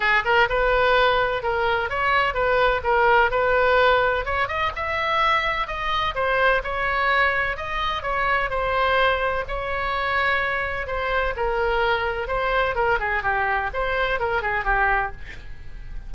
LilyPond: \new Staff \with { instrumentName = "oboe" } { \time 4/4 \tempo 4 = 127 gis'8 ais'8 b'2 ais'4 | cis''4 b'4 ais'4 b'4~ | b'4 cis''8 dis''8 e''2 | dis''4 c''4 cis''2 |
dis''4 cis''4 c''2 | cis''2. c''4 | ais'2 c''4 ais'8 gis'8 | g'4 c''4 ais'8 gis'8 g'4 | }